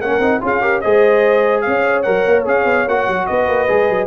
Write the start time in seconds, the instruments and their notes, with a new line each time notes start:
0.00 tuba A#3, trombone C#4, horn A#4, trumpet F#5
0.19 tuba C4, trombone D#4
0.41 tuba C#4, trombone F4, horn G#4, trumpet F5
0.61 trombone G4, horn A#4
0.80 tuba G#3, trombone G#4, horn C5, trumpet D#5
1.61 tuba C#4, horn C#5, trumpet F5
2.02 tuba F#3, trombone A#4, trumpet F#5
2.26 tuba A#3
2.45 tuba C#4, trombone G#4, trumpet F5
2.64 tuba B3
2.87 tuba A#3, trombone F#4, trumpet F#5
3.07 tuba F#3
3.26 tuba B3, horn B4, trumpet D#5
3.48 tuba A#3
3.68 tuba G#3, trombone G#4
3.89 tuba F#3